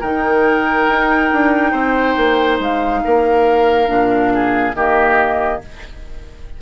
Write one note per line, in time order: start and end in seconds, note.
0.00 0.87 D#3
0.00 3.87 D#4
0.00 1.71 A#4
0.00 2.59 G5
0.89 1.31 D#4
1.32 1.73 D4
1.71 2.16 C4
1.71 3.00 C5
2.17 2.59 A#3
2.59 3.02 G#3
2.59 4.75 F5
3.04 3.89 A#3
3.04 4.33 A#4
3.87 4.74 A#2
3.87 4.73 D4
4.34 4.76 G#4
4.74 5.60 D#3
4.74 5.61 A#3
4.74 5.61 G4
4.74 5.61 D#5